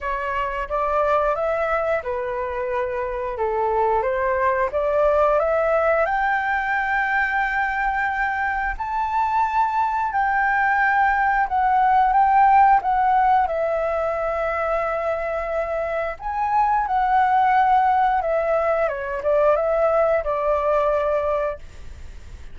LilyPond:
\new Staff \with { instrumentName = "flute" } { \time 4/4 \tempo 4 = 89 cis''4 d''4 e''4 b'4~ | b'4 a'4 c''4 d''4 | e''4 g''2.~ | g''4 a''2 g''4~ |
g''4 fis''4 g''4 fis''4 | e''1 | gis''4 fis''2 e''4 | cis''8 d''8 e''4 d''2 | }